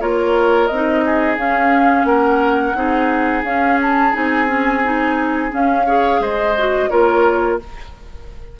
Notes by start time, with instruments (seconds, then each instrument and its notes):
0.00 bassoon A#3, clarinet F4, oboe A#4, flute C#5
0.67 bassoon C4, flute D#5
0.74 clarinet D#4
1.05 oboe G#4
1.37 bassoon C#4, clarinet C#4, flute F5
2.04 bassoon A#3, oboe A#4, flute F#5
2.75 bassoon C4, clarinet D#4, oboe G#4
3.43 bassoon C#4, clarinet C#4, flute F5
3.82 flute A5
4.13 bassoon C4, clarinet D#4, flute G#5
4.47 clarinet C#4
4.84 clarinet D#4
5.51 clarinet C#4, bassoon C#4, flute F5
5.86 clarinet G#4, oboe C#5
6.20 bassoon G#3, oboe C5, flute D#5
6.58 clarinet F#4
6.90 bassoon A#3, clarinet F4, oboe A#4, flute C#5